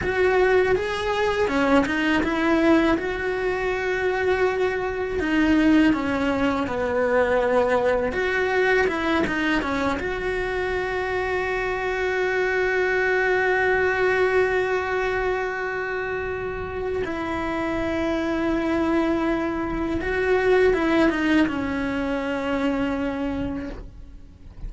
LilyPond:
\new Staff \with { instrumentName = "cello" } { \time 4/4 \tempo 4 = 81 fis'4 gis'4 cis'8 dis'8 e'4 | fis'2. dis'4 | cis'4 b2 fis'4 | e'8 dis'8 cis'8 fis'2~ fis'8~ |
fis'1~ | fis'2. e'4~ | e'2. fis'4 | e'8 dis'8 cis'2. | }